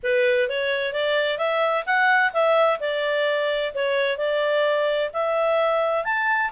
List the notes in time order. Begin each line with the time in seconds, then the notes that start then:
0.03 B4
0.49 C#5
0.93 D5
1.37 E5
1.86 F#5
2.33 E5
2.80 D5
3.74 C#5
4.17 D5
5.13 E5
6.04 A5